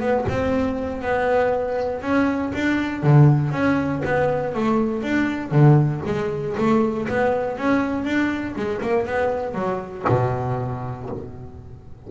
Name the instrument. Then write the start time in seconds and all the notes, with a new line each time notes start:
double bass
0.00 B3
0.28 C4
1.01 B3
2.02 C#4
2.54 D4
3.03 D3
3.52 C#4
4.05 B3
4.55 A3
5.03 D4
5.51 D3
6.05 G#3
6.57 A3
7.08 B3
7.57 C#4
8.04 D4
8.56 G#3
8.81 A#3
9.06 B3
9.54 F#3
10.09 B2